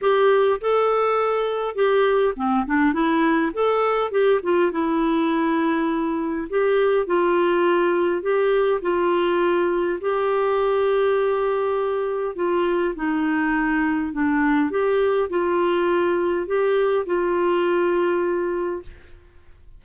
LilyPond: \new Staff \with { instrumentName = "clarinet" } { \time 4/4 \tempo 4 = 102 g'4 a'2 g'4 | c'8 d'8 e'4 a'4 g'8 f'8 | e'2. g'4 | f'2 g'4 f'4~ |
f'4 g'2.~ | g'4 f'4 dis'2 | d'4 g'4 f'2 | g'4 f'2. | }